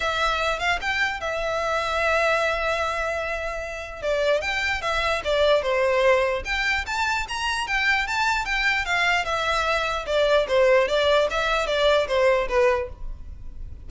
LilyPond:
\new Staff \with { instrumentName = "violin" } { \time 4/4 \tempo 4 = 149 e''4. f''8 g''4 e''4~ | e''1~ | e''2 d''4 g''4 | e''4 d''4 c''2 |
g''4 a''4 ais''4 g''4 | a''4 g''4 f''4 e''4~ | e''4 d''4 c''4 d''4 | e''4 d''4 c''4 b'4 | }